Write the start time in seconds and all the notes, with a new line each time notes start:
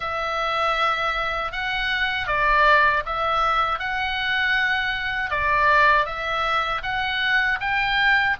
0.00 E5
1.52 F#5
2.27 D5
3.05 E5
3.79 F#5
5.30 D5
6.05 E5
6.83 F#5
7.60 G5